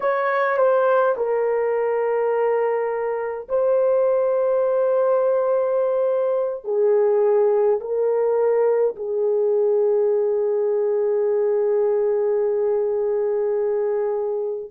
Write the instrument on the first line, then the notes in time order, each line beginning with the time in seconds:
horn
0.00 C#5
0.57 C5
1.16 A#4
3.48 C5
6.64 G#4
7.80 A#4
8.96 G#4